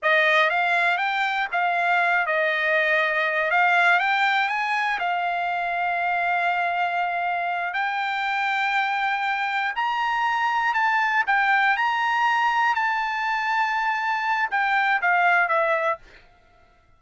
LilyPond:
\new Staff \with { instrumentName = "trumpet" } { \time 4/4 \tempo 4 = 120 dis''4 f''4 g''4 f''4~ | f''8 dis''2~ dis''8 f''4 | g''4 gis''4 f''2~ | f''2.~ f''8 g''8~ |
g''2.~ g''8 ais''8~ | ais''4. a''4 g''4 ais''8~ | ais''4. a''2~ a''8~ | a''4 g''4 f''4 e''4 | }